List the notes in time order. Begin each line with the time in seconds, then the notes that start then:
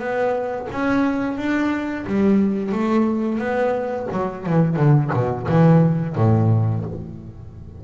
0.00 B3
0.72 C#4
1.38 D4
2.07 G3
2.73 A3
3.39 B3
4.12 F#3
4.47 E3
4.77 D3
5.14 B2
5.49 E3
6.16 A2